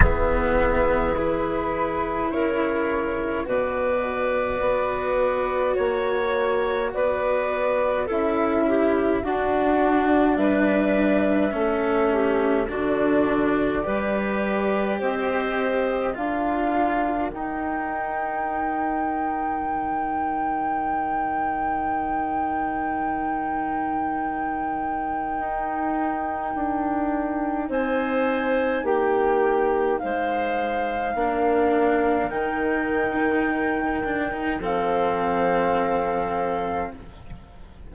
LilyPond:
<<
  \new Staff \with { instrumentName = "flute" } { \time 4/4 \tempo 4 = 52 e''4 b'4 cis''4 d''4~ | d''4 cis''4 d''4 e''4 | fis''4 e''2 d''4~ | d''4 dis''4 f''4 g''4~ |
g''1~ | g''1 | gis''4 g''4 f''2 | g''2 f''2 | }
  \new Staff \with { instrumentName = "clarinet" } { \time 4/4 gis'2 ais'4 b'4~ | b'4 cis''4 b'4 a'8 g'8 | fis'4 b'4 a'8 g'8 fis'4 | b'4 c''4 ais'2~ |
ais'1~ | ais'1 | c''4 g'4 c''4 ais'4~ | ais'2 a'2 | }
  \new Staff \with { instrumentName = "cello" } { \time 4/4 b4 e'2 fis'4~ | fis'2. e'4 | d'2 cis'4 d'4 | g'2 f'4 dis'4~ |
dis'1~ | dis'1~ | dis'2. d'4 | dis'4. d'16 dis'16 c'2 | }
  \new Staff \with { instrumentName = "bassoon" } { \time 4/4 e2 cis4 b,4 | b4 ais4 b4 cis'4 | d'4 g4 a4 d4 | g4 c'4 d'4 dis'4~ |
dis'4 dis2.~ | dis2 dis'4 d'4 | c'4 ais4 gis4 ais4 | dis2 f2 | }
>>